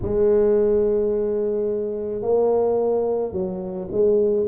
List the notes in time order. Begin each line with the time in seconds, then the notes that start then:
0.01 G#3
2.22 A#3
3.32 F#3
3.91 G#3